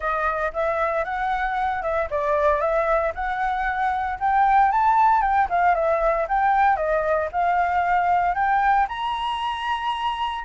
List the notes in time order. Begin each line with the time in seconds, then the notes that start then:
0.00 D#5
0.53 E5
1.04 F#5
1.82 E5
2.10 D5
2.60 E5
3.14 F#5
4.19 G5
4.71 A5
5.21 G5
5.49 F5
5.74 E5
6.28 G5
6.76 D#5
7.32 F5
8.34 G5
8.88 A#5